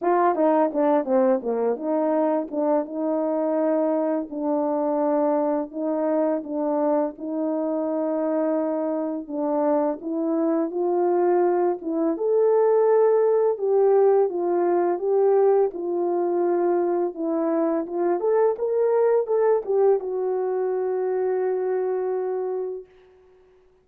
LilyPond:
\new Staff \with { instrumentName = "horn" } { \time 4/4 \tempo 4 = 84 f'8 dis'8 d'8 c'8 ais8 dis'4 d'8 | dis'2 d'2 | dis'4 d'4 dis'2~ | dis'4 d'4 e'4 f'4~ |
f'8 e'8 a'2 g'4 | f'4 g'4 f'2 | e'4 f'8 a'8 ais'4 a'8 g'8 | fis'1 | }